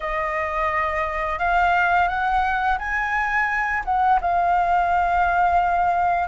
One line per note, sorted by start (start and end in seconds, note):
0.00 1.39 D#5
1.39 2.08 F5
2.08 2.78 F#5
2.78 3.83 G#5
3.84 4.19 F#5
4.21 6.28 F5